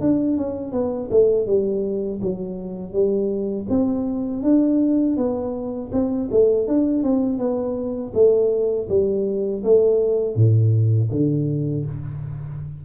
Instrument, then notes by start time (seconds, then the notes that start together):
tuba
0.00 D4
0.37 C#4
0.72 B3
1.10 A3
1.46 G3
2.21 F#3
2.93 G3
3.69 C4
4.42 D4
5.16 B3
5.92 C4
6.31 A3
6.67 D4
7.03 C4
7.38 B3
8.14 A3
8.89 G3
9.63 A3
10.35 A2
11.11 D3